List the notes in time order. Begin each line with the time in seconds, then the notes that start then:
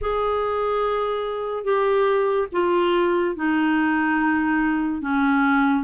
0.01 G#4
1.64 G4
2.52 F4
3.35 D#4
5.01 C#4